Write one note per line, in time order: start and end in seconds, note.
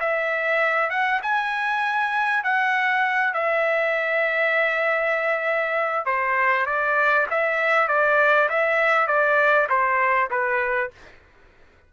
0.00 0.90 E5
0.90 1.20 F#5
1.22 2.43 G#5
2.43 3.34 F#5
3.34 6.06 E5
6.06 6.66 C5
6.66 7.26 D5
7.31 7.88 E5
7.88 8.49 D5
8.49 9.07 E5
9.07 9.67 D5
9.69 10.29 C5
10.30 10.91 B4